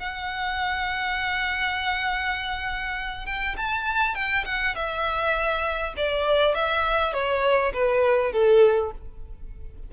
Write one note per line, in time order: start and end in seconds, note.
0.00 3.26 F#5
3.26 3.56 G5
3.57 4.15 A5
4.15 4.45 G5
4.46 4.76 F#5
4.76 5.95 E5
5.97 6.55 D5
6.55 7.14 E5
7.14 7.73 C#5
7.74 8.33 B4
8.33 8.92 A4